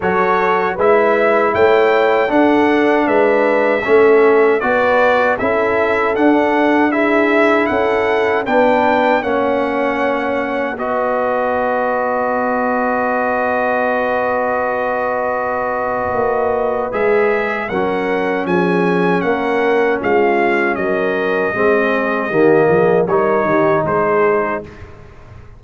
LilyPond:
<<
  \new Staff \with { instrumentName = "trumpet" } { \time 4/4 \tempo 4 = 78 cis''4 e''4 g''4 fis''4 | e''2 d''4 e''4 | fis''4 e''4 fis''4 g''4 | fis''2 dis''2~ |
dis''1~ | dis''2 e''4 fis''4 | gis''4 fis''4 f''4 dis''4~ | dis''2 cis''4 c''4 | }
  \new Staff \with { instrumentName = "horn" } { \time 4/4 a'4 b'4 cis''4 a'4 | b'4 a'4 b'4 a'4~ | a'4 gis'4 a'4 b'4 | cis''2 b'2~ |
b'1~ | b'2. ais'4 | gis'4 ais'4 f'4 ais'4 | gis'4 g'8 gis'8 ais'8 g'8 gis'4 | }
  \new Staff \with { instrumentName = "trombone" } { \time 4/4 fis'4 e'2 d'4~ | d'4 cis'4 fis'4 e'4 | d'4 e'2 d'4 | cis'2 fis'2~ |
fis'1~ | fis'2 gis'4 cis'4~ | cis'1 | c'4 ais4 dis'2 | }
  \new Staff \with { instrumentName = "tuba" } { \time 4/4 fis4 gis4 a4 d'4 | gis4 a4 b4 cis'4 | d'2 cis'4 b4 | ais2 b2~ |
b1~ | b4 ais4 gis4 fis4 | f4 ais4 gis4 fis4 | gis4 dis8 f8 g8 dis8 gis4 | }
>>